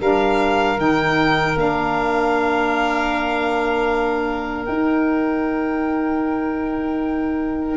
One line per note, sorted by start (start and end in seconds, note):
0.00 0.77 G3
0.00 0.77 D4
0.00 7.77 A#4
0.00 0.80 F5
0.77 1.55 D#3
0.77 1.55 D#4
0.77 1.58 G5
1.56 4.68 A#3
1.56 4.68 D4
1.56 4.65 F5
4.65 7.77 D#4
4.65 7.77 G5